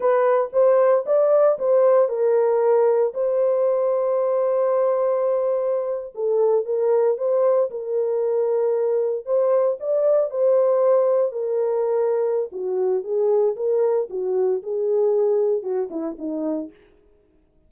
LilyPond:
\new Staff \with { instrumentName = "horn" } { \time 4/4 \tempo 4 = 115 b'4 c''4 d''4 c''4 | ais'2 c''2~ | c''2.~ c''8. a'16~ | a'8. ais'4 c''4 ais'4~ ais'16~ |
ais'4.~ ais'16 c''4 d''4 c''16~ | c''4.~ c''16 ais'2~ ais'16 | fis'4 gis'4 ais'4 fis'4 | gis'2 fis'8 e'8 dis'4 | }